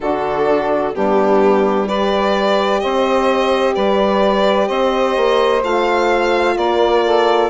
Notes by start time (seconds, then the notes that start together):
0.00 D3 D4 F#4 A4
0.93 G3 B3 D4 G4
1.87 G4 B4 D5
2.80 C4 C5 D#5
3.74 G3 B4 D5
4.67 C4 C5 D#5
5.16 A#3
5.62 A3 F4 F5
6.56 A#3 A#4 D5
7.04 A4